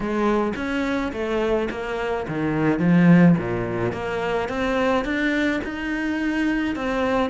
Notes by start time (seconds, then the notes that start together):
0.00 G#3
0.56 C#4
1.12 A3
1.70 A#3
2.27 D#3
2.79 F3
3.37 A#2
3.92 A#3
4.49 C4
5.04 D4
5.64 D#4
6.75 C4